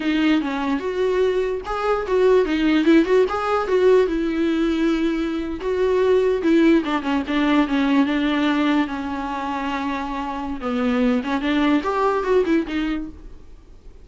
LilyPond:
\new Staff \with { instrumentName = "viola" } { \time 4/4 \tempo 4 = 147 dis'4 cis'4 fis'2 | gis'4 fis'4 dis'4 e'8 fis'8 | gis'4 fis'4 e'2~ | e'4.~ e'16 fis'2 e'16~ |
e'8. d'8 cis'8 d'4 cis'4 d'16~ | d'4.~ d'16 cis'2~ cis'16~ | cis'2 b4. cis'8 | d'4 g'4 fis'8 e'8 dis'4 | }